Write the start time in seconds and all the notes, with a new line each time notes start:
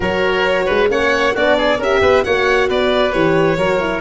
0.00 F#3 F#4 A#4 C#5
0.65 G#3 B4
0.88 A#3 C#4 C#5 F#5
1.34 B3 D4 F#4 D5
1.57 G#4
1.78 C#4 G4 A#4 E5
2.01 B3 B4
2.24 A#3 F#4 C#5 F#5
2.68 B3 B4 D5
3.12 E3 G4 C#5
3.57 F#3 F#4 A#4
3.79 E4